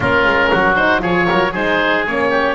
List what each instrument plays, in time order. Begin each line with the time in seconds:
0.00 double bass A#3, horn C#4, oboe F4 A#4
0.25 double bass G#3
0.51 double bass F#3, oboe F#4
0.75 horn D#4, oboe C5
0.99 double bass F3, horn F4, oboe G#4 C#5
1.28 double bass F#3, oboe A#4
1.51 double bass G#3, horn D#4, oboe G#4 C5
2.06 double bass A#3, horn C#4, oboe C#5
2.30 oboe G4